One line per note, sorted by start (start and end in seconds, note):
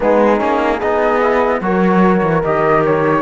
0.00 0.40 G#3
0.00 0.38 B3
0.00 0.78 D#4
0.00 0.80 G#4
0.38 0.81 A#3
0.38 0.78 C#4
0.78 1.60 B3
0.78 1.21 D#4
0.78 1.59 G#4
0.78 1.61 D#5
1.21 1.62 E4
1.60 2.21 F#3
1.60 2.43 F#4
1.60 3.21 A#4
1.60 2.42 C#5
2.22 2.42 E3
2.43 3.21 D#3
2.43 3.21 G4
2.43 2.84 D#5
2.85 3.21 C#5